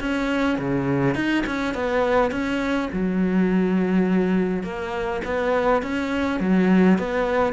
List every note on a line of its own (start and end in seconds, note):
0.00 0.58 C#4
0.58 1.15 C#3
1.15 1.44 D#4
1.46 1.74 C#4
1.74 2.31 B3
2.31 2.89 C#4
2.92 4.63 F#3
4.63 5.21 A#3
5.25 5.82 B3
5.82 6.40 C#4
6.40 6.98 F#3
6.98 7.53 B3